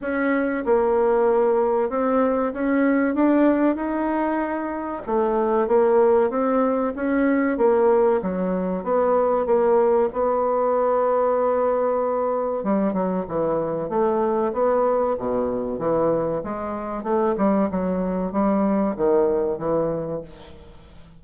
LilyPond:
\new Staff \with { instrumentName = "bassoon" } { \time 4/4 \tempo 4 = 95 cis'4 ais2 c'4 | cis'4 d'4 dis'2 | a4 ais4 c'4 cis'4 | ais4 fis4 b4 ais4 |
b1 | g8 fis8 e4 a4 b4 | b,4 e4 gis4 a8 g8 | fis4 g4 dis4 e4 | }